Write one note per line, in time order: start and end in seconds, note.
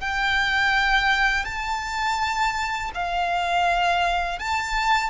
0.00 1.44 G5
1.44 2.91 A5
2.94 4.39 F5
4.39 5.10 A5